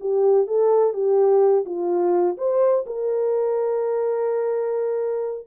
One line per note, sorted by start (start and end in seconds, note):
0.00 0.47 G4
0.47 0.93 A4
0.93 1.65 G4
1.65 2.37 F4
2.37 2.85 C5
2.86 5.47 A#4